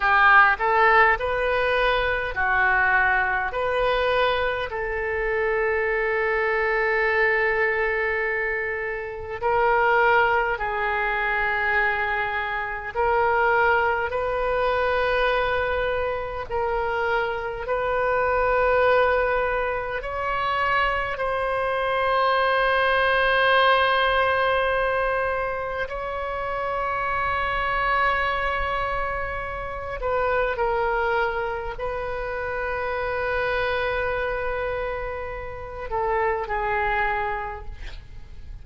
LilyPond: \new Staff \with { instrumentName = "oboe" } { \time 4/4 \tempo 4 = 51 g'8 a'8 b'4 fis'4 b'4 | a'1 | ais'4 gis'2 ais'4 | b'2 ais'4 b'4~ |
b'4 cis''4 c''2~ | c''2 cis''2~ | cis''4. b'8 ais'4 b'4~ | b'2~ b'8 a'8 gis'4 | }